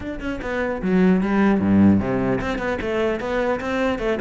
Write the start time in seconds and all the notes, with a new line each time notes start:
0.00 D4
0.20 C#4
0.41 B3
0.82 F#3
1.21 G3
1.60 G2
1.99 C3
2.41 C4
2.58 B3
2.81 A3
3.20 B3
3.60 C4
3.99 A3